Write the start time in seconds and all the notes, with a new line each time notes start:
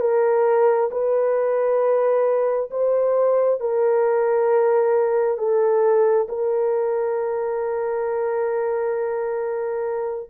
0.00 A#4
0.91 B4
2.70 C5
3.60 A#4
5.38 A4
6.28 A#4